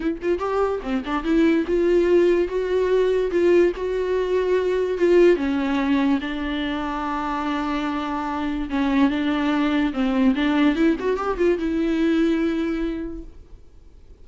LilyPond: \new Staff \with { instrumentName = "viola" } { \time 4/4 \tempo 4 = 145 e'8 f'8 g'4 c'8 d'8 e'4 | f'2 fis'2 | f'4 fis'2. | f'4 cis'2 d'4~ |
d'1~ | d'4 cis'4 d'2 | c'4 d'4 e'8 fis'8 g'8 f'8 | e'1 | }